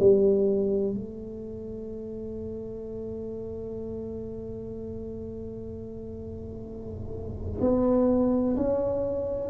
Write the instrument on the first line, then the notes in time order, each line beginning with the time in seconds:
tuba
0.00 G3
0.94 A3
7.61 B3
8.57 C#4